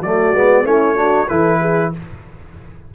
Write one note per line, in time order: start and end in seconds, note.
0.00 0.32 F#3
0.00 0.34 A3
0.00 0.64 F#4
0.00 0.66 D5
0.33 0.64 G#3
0.33 0.64 B3
0.64 1.28 A3
0.64 0.95 C#4
0.64 0.95 E4
0.64 1.28 C#5
0.95 1.27 D4
0.95 1.27 F#4
1.27 1.94 E3
1.27 1.93 E4
1.27 1.59 A4
1.27 1.92 B4
1.59 1.91 G#4